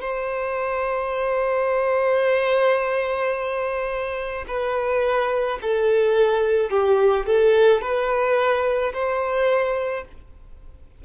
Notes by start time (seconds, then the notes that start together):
0.00 C5
4.47 B4
5.62 A4
6.70 G4
7.26 A4
7.81 B4
8.93 C5